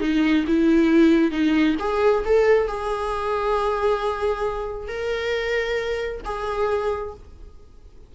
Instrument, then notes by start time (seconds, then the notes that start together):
viola
0.00 D#4
0.47 E4
1.31 D#4
1.79 G#4
2.25 A4
2.67 G#4
4.88 A#4
6.25 G#4